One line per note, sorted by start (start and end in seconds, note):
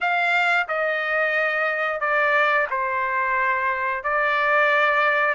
0.00 0.67 F5
0.68 2.00 D#5
2.00 2.67 D5
2.70 4.03 C5
4.03 5.34 D5